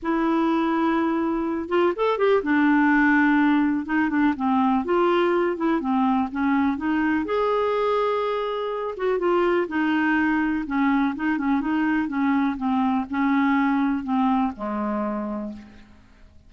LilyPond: \new Staff \with { instrumentName = "clarinet" } { \time 4/4 \tempo 4 = 124 e'2.~ e'8 f'8 | a'8 g'8 d'2. | dis'8 d'8 c'4 f'4. e'8 | c'4 cis'4 dis'4 gis'4~ |
gis'2~ gis'8 fis'8 f'4 | dis'2 cis'4 dis'8 cis'8 | dis'4 cis'4 c'4 cis'4~ | cis'4 c'4 gis2 | }